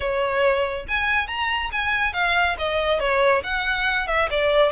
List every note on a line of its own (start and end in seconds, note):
0.00 0.86 C#5
0.87 1.27 G#5
1.27 1.70 A#5
1.72 2.13 G#5
2.13 2.56 F5
2.58 2.99 D#5
2.99 3.42 C#5
3.43 4.07 F#5
4.07 4.28 E5
4.30 4.72 D5